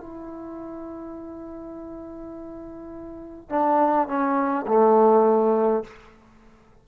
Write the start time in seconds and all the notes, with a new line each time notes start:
0.00 E4
3.49 D4
4.07 C#4
4.67 A3